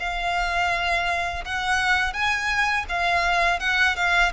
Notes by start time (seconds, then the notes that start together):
0.00 F5
1.45 F#5
2.14 G#5
2.89 F5
3.60 F#5
3.97 F5